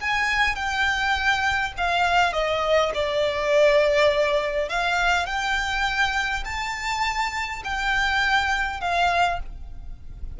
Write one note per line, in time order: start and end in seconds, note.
0.00 0.55 G#5
0.55 1.72 G5
1.77 2.32 F5
2.32 2.91 D#5
2.94 4.68 D5
4.68 5.26 F5
5.26 6.43 G5
6.44 7.62 A5
7.64 8.80 G5
8.80 9.39 F5